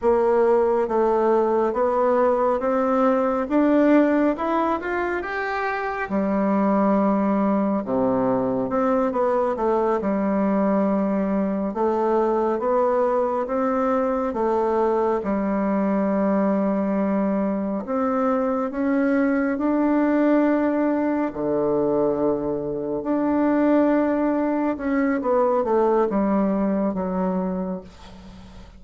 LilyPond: \new Staff \with { instrumentName = "bassoon" } { \time 4/4 \tempo 4 = 69 ais4 a4 b4 c'4 | d'4 e'8 f'8 g'4 g4~ | g4 c4 c'8 b8 a8 g8~ | g4. a4 b4 c'8~ |
c'8 a4 g2~ g8~ | g8 c'4 cis'4 d'4.~ | d'8 d2 d'4.~ | d'8 cis'8 b8 a8 g4 fis4 | }